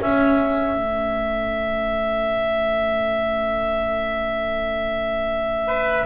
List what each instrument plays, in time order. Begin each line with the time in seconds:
0.00 viola C#4, double bass C#4, trumpet A4, clarinet E5
0.75 double bass A3
5.67 trumpet B4